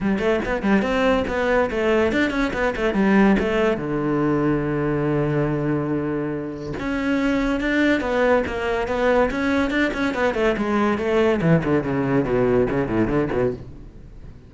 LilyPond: \new Staff \with { instrumentName = "cello" } { \time 4/4 \tempo 4 = 142 g8 a8 b8 g8 c'4 b4 | a4 d'8 cis'8 b8 a8 g4 | a4 d2.~ | d1 |
cis'2 d'4 b4 | ais4 b4 cis'4 d'8 cis'8 | b8 a8 gis4 a4 e8 d8 | cis4 b,4 cis8 a,8 d8 b,8 | }